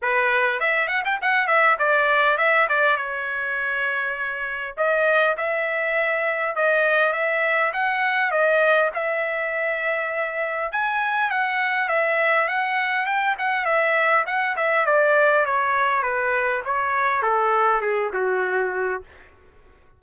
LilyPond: \new Staff \with { instrumentName = "trumpet" } { \time 4/4 \tempo 4 = 101 b'4 e''8 fis''16 g''16 fis''8 e''8 d''4 | e''8 d''8 cis''2. | dis''4 e''2 dis''4 | e''4 fis''4 dis''4 e''4~ |
e''2 gis''4 fis''4 | e''4 fis''4 g''8 fis''8 e''4 | fis''8 e''8 d''4 cis''4 b'4 | cis''4 a'4 gis'8 fis'4. | }